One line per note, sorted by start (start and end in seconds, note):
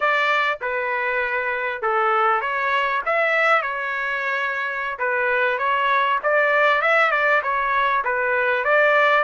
0.00 0.59 D5
0.61 1.82 B4
1.82 2.41 A4
2.41 3.01 C#5
3.05 3.62 E5
3.62 4.98 C#5
4.98 5.58 B4
5.58 6.19 C#5
6.23 6.81 D5
6.81 7.11 E5
7.11 7.41 D5
7.42 8.03 C#5
8.04 8.64 B4
8.64 9.23 D5